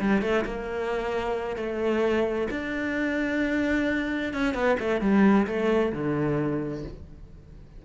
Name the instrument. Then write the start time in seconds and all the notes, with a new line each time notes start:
cello
0.00 G3
0.22 A3
0.45 A#3
1.56 A3
2.51 D4
4.33 C#4
4.54 B3
4.80 A3
5.01 G3
5.47 A3
5.92 D3